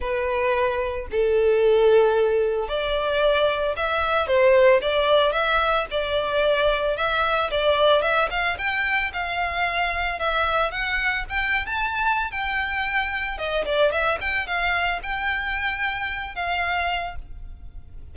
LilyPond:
\new Staff \with { instrumentName = "violin" } { \time 4/4 \tempo 4 = 112 b'2 a'2~ | a'4 d''2 e''4 | c''4 d''4 e''4 d''4~ | d''4 e''4 d''4 e''8 f''8 |
g''4 f''2 e''4 | fis''4 g''8. a''4~ a''16 g''4~ | g''4 dis''8 d''8 e''8 g''8 f''4 | g''2~ g''8 f''4. | }